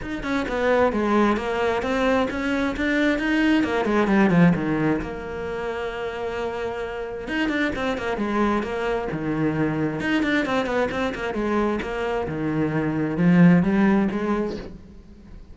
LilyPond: \new Staff \with { instrumentName = "cello" } { \time 4/4 \tempo 4 = 132 dis'8 cis'8 b4 gis4 ais4 | c'4 cis'4 d'4 dis'4 | ais8 gis8 g8 f8 dis4 ais4~ | ais1 |
dis'8 d'8 c'8 ais8 gis4 ais4 | dis2 dis'8 d'8 c'8 b8 | c'8 ais8 gis4 ais4 dis4~ | dis4 f4 g4 gis4 | }